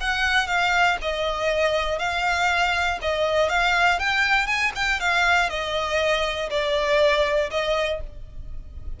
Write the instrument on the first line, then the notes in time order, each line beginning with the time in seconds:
violin
0.00 F#5
0.47 F5
1.01 D#5
1.98 F5
3.01 D#5
3.49 F5
3.99 G5
4.46 G#5
4.75 G5
4.99 F5
5.49 D#5
6.50 D5
7.50 D#5